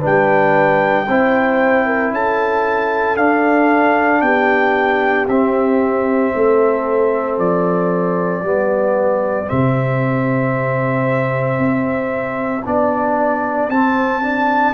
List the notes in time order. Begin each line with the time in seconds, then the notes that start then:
0.00 G3 D4 B4
0.06 G5
1.08 C4 E4 C5
1.87 A#4
2.12 C#4 A4 A5
3.17 D4 F5
4.21 B3 G4 G5
5.28 C4 E5
6.35 A3 A4
7.39 F3 D5
8.43 G3 B3 G4
9.46 C3 C4 E5
11.59 C4
12.65 B3 D4 D5
13.69 C4 A5
14.22 D4